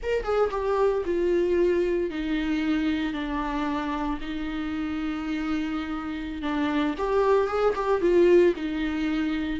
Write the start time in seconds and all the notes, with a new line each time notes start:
0.03 A#4
0.23 G#4
0.50 G4
1.05 F4
2.10 D#4
3.13 D4
4.21 D#4
6.42 D4
6.97 G4
7.47 G#4
7.75 G4
8.01 F4
8.56 D#4